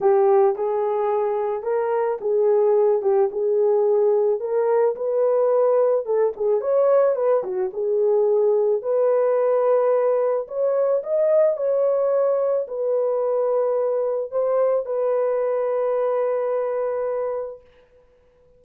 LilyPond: \new Staff \with { instrumentName = "horn" } { \time 4/4 \tempo 4 = 109 g'4 gis'2 ais'4 | gis'4. g'8 gis'2 | ais'4 b'2 a'8 gis'8 | cis''4 b'8 fis'8 gis'2 |
b'2. cis''4 | dis''4 cis''2 b'4~ | b'2 c''4 b'4~ | b'1 | }